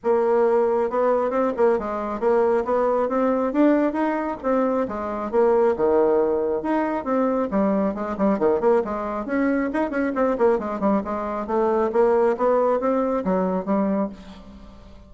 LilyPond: \new Staff \with { instrumentName = "bassoon" } { \time 4/4 \tempo 4 = 136 ais2 b4 c'8 ais8 | gis4 ais4 b4 c'4 | d'4 dis'4 c'4 gis4 | ais4 dis2 dis'4 |
c'4 g4 gis8 g8 dis8 ais8 | gis4 cis'4 dis'8 cis'8 c'8 ais8 | gis8 g8 gis4 a4 ais4 | b4 c'4 fis4 g4 | }